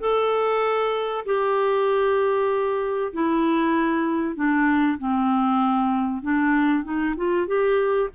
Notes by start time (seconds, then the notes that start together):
0.00 A4
1.25 G4
3.13 E4
4.36 D4
4.98 C4
6.22 D4
6.84 D#4
7.16 F4
7.47 G4